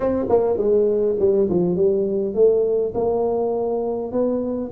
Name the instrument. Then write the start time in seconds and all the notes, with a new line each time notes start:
tuba
0.00 C4
0.29 A#3
0.57 G#3
1.19 G3
1.49 F3
1.76 G3
2.34 A3
2.94 A#3
4.12 B3